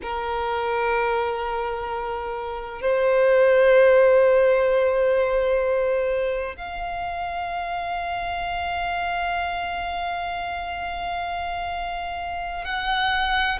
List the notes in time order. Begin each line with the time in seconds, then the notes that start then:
0.02 A#4
2.81 C5
6.56 F5
12.64 F#5